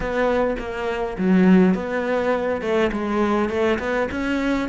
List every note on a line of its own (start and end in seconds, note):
0.00 0.56 B3
0.58 1.17 A#3
1.18 1.74 F#3
1.74 2.61 B3
2.61 2.90 A3
2.92 3.49 G#3
3.49 3.78 A3
3.79 4.08 B3
4.11 4.69 C#4